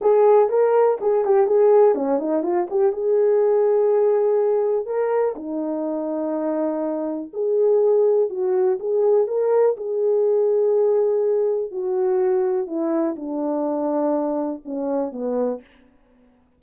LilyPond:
\new Staff \with { instrumentName = "horn" } { \time 4/4 \tempo 4 = 123 gis'4 ais'4 gis'8 g'8 gis'4 | cis'8 dis'8 f'8 g'8 gis'2~ | gis'2 ais'4 dis'4~ | dis'2. gis'4~ |
gis'4 fis'4 gis'4 ais'4 | gis'1 | fis'2 e'4 d'4~ | d'2 cis'4 b4 | }